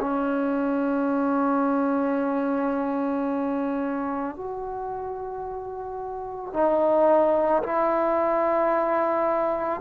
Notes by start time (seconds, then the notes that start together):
0.00 C#4
4.36 F#4
6.54 D#4
7.63 E4